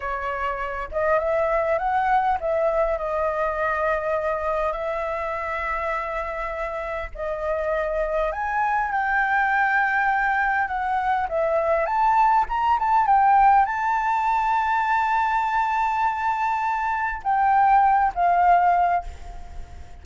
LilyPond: \new Staff \with { instrumentName = "flute" } { \time 4/4 \tempo 4 = 101 cis''4. dis''8 e''4 fis''4 | e''4 dis''2. | e''1 | dis''2 gis''4 g''4~ |
g''2 fis''4 e''4 | a''4 ais''8 a''8 g''4 a''4~ | a''1~ | a''4 g''4. f''4. | }